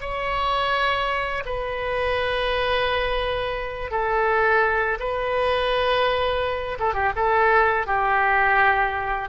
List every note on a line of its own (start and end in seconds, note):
0.00 1.43 C#5
1.45 3.91 B4
3.91 4.98 A4
4.99 6.78 B4
6.79 6.94 A4
6.94 7.11 G4
7.16 7.86 A4
7.86 9.29 G4